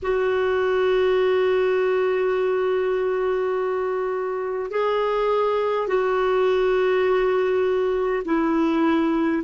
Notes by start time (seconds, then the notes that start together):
0.02 F#4
4.71 G#4
5.87 F#4
8.25 E4